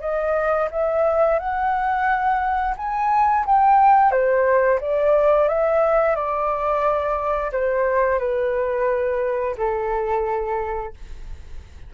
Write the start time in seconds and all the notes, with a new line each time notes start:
0.00 D#5
0.70 E5
1.38 F#5
2.77 G#5
3.45 G5
4.11 C5
4.80 D5
5.48 E5
6.15 D5
7.52 C5
8.18 B4
9.57 A4